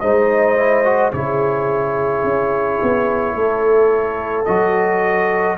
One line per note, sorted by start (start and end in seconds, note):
0.00 1.12 G#3
0.00 0.57 D#4
0.00 1.13 C5
0.00 1.11 D#5
0.57 0.84 E4
0.84 1.11 F#4
1.12 2.23 C#3
1.12 4.45 E4
1.12 3.35 G#4
1.12 4.45 C#5
2.23 2.79 C#4
2.82 3.35 B3
3.35 4.46 A3
3.35 5.57 A4
4.45 5.57 F#3
4.45 5.57 F#4
4.45 5.56 D#5